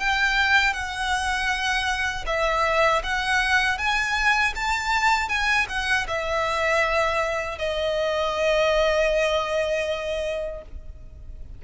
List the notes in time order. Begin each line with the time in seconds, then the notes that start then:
0.00 G5
0.74 F#5
2.27 E5
3.04 F#5
3.78 G#5
4.56 A5
5.29 G#5
5.70 F#5
6.08 E5
7.59 D#5